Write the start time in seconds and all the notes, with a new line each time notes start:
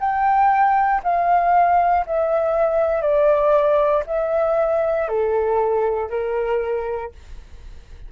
0.00 G5
1.04 F5
2.06 E5
3.02 D5
4.07 E5
5.08 A4
6.10 A#4